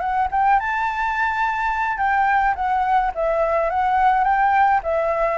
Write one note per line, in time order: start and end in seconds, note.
0.00 0.28 F#5
0.31 0.60 G5
0.60 1.98 A5
1.98 2.54 G5
2.55 3.12 F#5
3.15 3.70 E5
3.70 4.24 F#5
4.24 4.81 G5
4.83 5.38 E5